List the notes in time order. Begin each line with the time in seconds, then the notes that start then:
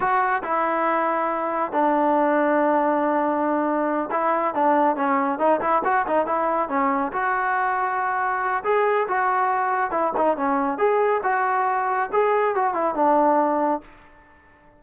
0.00 F#4
0.43 E4
1.72 D4
4.11 E4
4.54 D4
4.96 C#4
5.39 D#4
5.60 E4
5.84 F#4
6.07 D#4
6.26 E4
6.68 C#4
7.12 F#4
8.64 G#4
9.08 F#4
9.90 E4
10.17 D#4
10.36 C#4
10.78 G#4
11.23 F#4
12.12 G#4
12.55 F#4
12.74 E4
12.94 D4